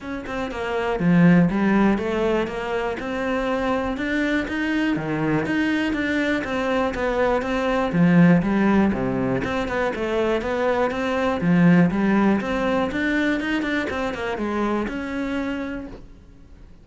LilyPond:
\new Staff \with { instrumentName = "cello" } { \time 4/4 \tempo 4 = 121 cis'8 c'8 ais4 f4 g4 | a4 ais4 c'2 | d'4 dis'4 dis4 dis'4 | d'4 c'4 b4 c'4 |
f4 g4 c4 c'8 b8 | a4 b4 c'4 f4 | g4 c'4 d'4 dis'8 d'8 | c'8 ais8 gis4 cis'2 | }